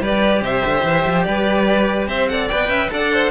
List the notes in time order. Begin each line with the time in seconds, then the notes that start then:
0.00 G3 G4 B4 D5
0.41 C3 C5 E5
0.65 D3
0.84 E3
1.06 F3
1.23 G3 B4 D5
2.07 C4 C5 E5
2.28 A4 D5 F#5
2.48 B3 B4 G5
2.68 C#4 E5
2.90 D4 A4 D5 F#5
3.14 C5